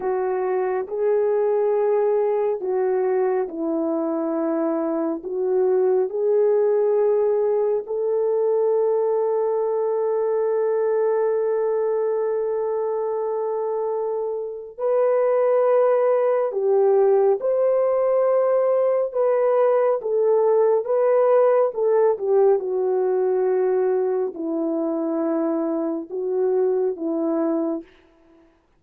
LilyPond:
\new Staff \with { instrumentName = "horn" } { \time 4/4 \tempo 4 = 69 fis'4 gis'2 fis'4 | e'2 fis'4 gis'4~ | gis'4 a'2.~ | a'1~ |
a'4 b'2 g'4 | c''2 b'4 a'4 | b'4 a'8 g'8 fis'2 | e'2 fis'4 e'4 | }